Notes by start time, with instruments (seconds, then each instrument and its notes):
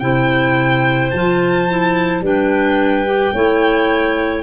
0.00 tuba C3, clarinet E4 C5, violin G5
1.11 tuba F3, clarinet F4, violin A5
1.69 clarinet E4
2.21 tuba G3, clarinet D4 B4, violin G5
3.06 clarinet G4
3.34 tuba A3, clarinet E4 C#5